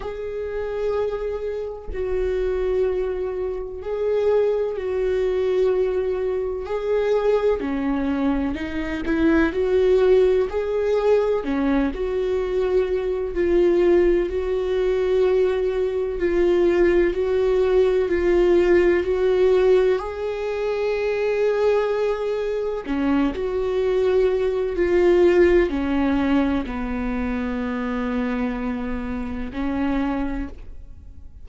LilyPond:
\new Staff \with { instrumentName = "viola" } { \time 4/4 \tempo 4 = 63 gis'2 fis'2 | gis'4 fis'2 gis'4 | cis'4 dis'8 e'8 fis'4 gis'4 | cis'8 fis'4. f'4 fis'4~ |
fis'4 f'4 fis'4 f'4 | fis'4 gis'2. | cis'8 fis'4. f'4 cis'4 | b2. cis'4 | }